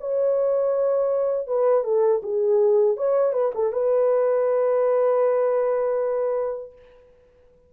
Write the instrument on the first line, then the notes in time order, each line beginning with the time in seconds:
horn
0.00 C#5
1.47 B4
1.84 A4
2.23 G#4
2.97 C#5
3.33 B4
3.55 A4
3.73 B4